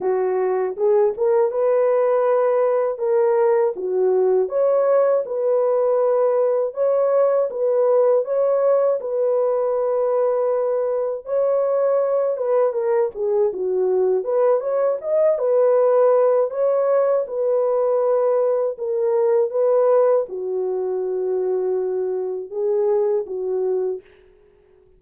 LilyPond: \new Staff \with { instrumentName = "horn" } { \time 4/4 \tempo 4 = 80 fis'4 gis'8 ais'8 b'2 | ais'4 fis'4 cis''4 b'4~ | b'4 cis''4 b'4 cis''4 | b'2. cis''4~ |
cis''8 b'8 ais'8 gis'8 fis'4 b'8 cis''8 | dis''8 b'4. cis''4 b'4~ | b'4 ais'4 b'4 fis'4~ | fis'2 gis'4 fis'4 | }